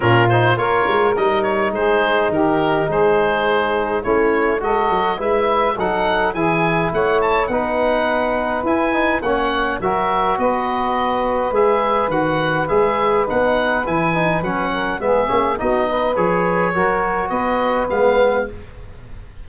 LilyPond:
<<
  \new Staff \with { instrumentName = "oboe" } { \time 4/4 \tempo 4 = 104 ais'8 c''8 cis''4 dis''8 cis''8 c''4 | ais'4 c''2 cis''4 | dis''4 e''4 fis''4 gis''4 | fis''8 a''8 fis''2 gis''4 |
fis''4 e''4 dis''2 | e''4 fis''4 e''4 fis''4 | gis''4 fis''4 e''4 dis''4 | cis''2 dis''4 f''4 | }
  \new Staff \with { instrumentName = "saxophone" } { \time 4/4 f'4 ais'2 gis'4 | g'4 gis'2 e'4 | a'4 b'4 a'4 gis'4 | cis''4 b'2. |
cis''4 ais'4 b'2~ | b'1~ | b'4. ais'8 gis'4 fis'8 b'8~ | b'4 ais'4 b'2 | }
  \new Staff \with { instrumentName = "trombone" } { \time 4/4 cis'8 dis'8 f'4 dis'2~ | dis'2. cis'4 | fis'4 e'4 dis'4 e'4~ | e'4 dis'2 e'8 dis'8 |
cis'4 fis'2. | gis'4 fis'4 gis'4 dis'4 | e'8 dis'8 cis'4 b8 cis'8 dis'4 | gis'4 fis'2 b4 | }
  \new Staff \with { instrumentName = "tuba" } { \time 4/4 ais,4 ais8 gis8 g4 gis4 | dis4 gis2 a4 | gis8 fis8 gis4 fis4 e4 | a4 b2 e'4 |
ais4 fis4 b2 | gis4 dis4 gis4 b4 | e4 fis4 gis8 ais8 b4 | f4 fis4 b4 gis4 | }
>>